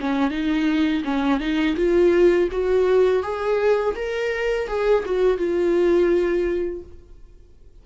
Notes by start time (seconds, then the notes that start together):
0.00 C#4
0.30 D#4
1.04 C#4
1.40 D#4
1.76 F4
2.51 F#4
3.22 G#4
3.95 A#4
4.68 G#4
5.05 F#4
5.37 F4